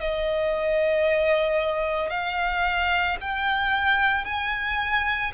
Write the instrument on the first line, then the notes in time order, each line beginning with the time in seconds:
violin
0.00 D#5
2.10 F5
3.21 G5
4.25 G#5